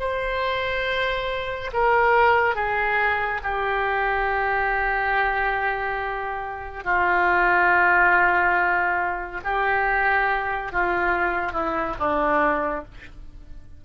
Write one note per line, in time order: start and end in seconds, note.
0.00 1.71 C5
1.74 2.56 A#4
2.56 3.41 G#4
3.44 6.84 G4
6.84 9.41 F4
9.45 10.72 G4
10.72 11.53 F4
11.53 11.96 E4
12.00 12.85 D4